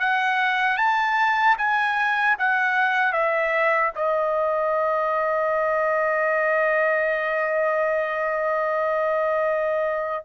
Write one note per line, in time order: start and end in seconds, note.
0.00 0.78 F#5
0.78 1.56 A5
1.58 2.37 G#5
2.39 3.13 F#5
3.13 3.92 E5
3.96 10.25 D#5